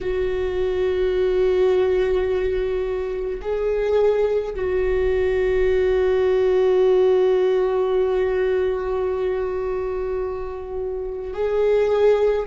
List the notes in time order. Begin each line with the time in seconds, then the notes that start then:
0.00 F#4
3.41 G#4
4.55 F#4
11.33 G#4